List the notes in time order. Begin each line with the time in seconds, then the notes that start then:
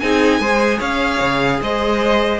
0.00 C4 D#4 G#4 G#5
0.40 G#3 G#4 C5
0.78 C#4 C#5 F5
1.21 C#3
1.62 G#3 C5 D#5